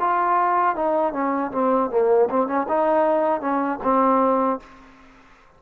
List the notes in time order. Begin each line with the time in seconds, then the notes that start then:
0.00 F4
0.76 D#4
1.13 C#4
1.52 C4
1.91 A#3
2.30 C4
2.47 C#4
2.69 D#4
3.41 C#4
3.83 C4